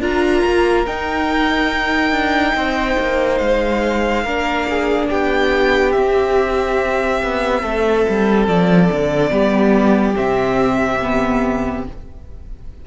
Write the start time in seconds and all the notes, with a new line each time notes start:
0.00 D4 F4 A#4 A#5
0.45 A#3
0.86 D#4 G5
2.11 D4
2.55 C4 C5
2.99 A#3
3.38 G#3 F5
4.25 A#3 D4 A#4
4.70 G#4
5.09 B3 G4 G5
5.92 C4 E5
7.23 B3
7.62 A3 A4
8.09 G3
8.48 F3 D5
8.91 D3
9.30 G3 B3 G4
10.15 C3 C4 E5
11.02 B3